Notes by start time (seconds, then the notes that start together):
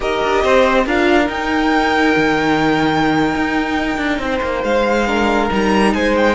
0.00 D#4 G4 A#4 D#5
0.23 D4
0.43 C4 C5
0.85 D4 F4 A#4 F5
1.26 D#4 G5
2.16 D#3
3.35 D#4
3.97 D4
4.18 C4
4.25 C5
4.42 A#3
4.63 G#3 F5
5.06 D4 A#4
5.49 G3 D#4 A#5
5.93 G#3 C5 G#5
6.16 G5